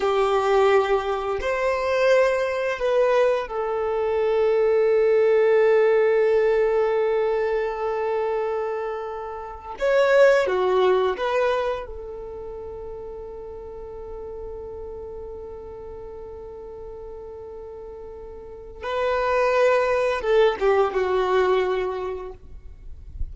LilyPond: \new Staff \with { instrumentName = "violin" } { \time 4/4 \tempo 4 = 86 g'2 c''2 | b'4 a'2.~ | a'1~ | a'2 cis''4 fis'4 |
b'4 a'2.~ | a'1~ | a'2. b'4~ | b'4 a'8 g'8 fis'2 | }